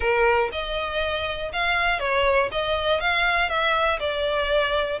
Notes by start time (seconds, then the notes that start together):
0.00 A#4
0.51 D#5
1.52 F5
1.99 C#5
2.51 D#5
3.00 F5
3.49 E5
3.99 D5